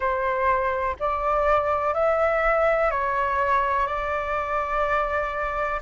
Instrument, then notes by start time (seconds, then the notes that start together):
flute
0.00 C5
0.99 D5
1.94 E5
2.90 C#5
3.87 D5